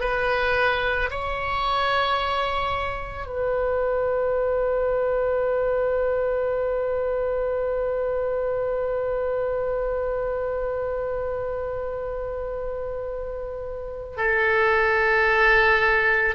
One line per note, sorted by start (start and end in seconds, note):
0.00 1.09 B4
1.10 3.26 C#5
3.26 14.17 B4
14.17 16.35 A4